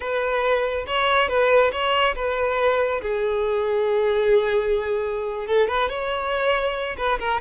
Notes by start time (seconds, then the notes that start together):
0.00 B4
0.86 C#5
1.28 B4
1.72 C#5
2.15 B4
3.01 G#4
5.47 A4
5.68 B4
5.89 C#5
6.97 B4
7.19 A#4